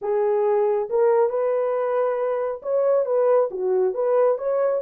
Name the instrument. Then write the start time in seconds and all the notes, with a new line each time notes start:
horn
0.01 G#4
0.89 A#4
1.29 B4
2.62 C#5
3.05 B4
3.50 F#4
3.94 B4
4.38 C#5